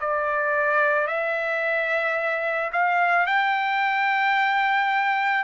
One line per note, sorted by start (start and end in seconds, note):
0.00 1.08 D5
1.08 2.71 E5
2.72 3.26 F5
3.26 5.44 G5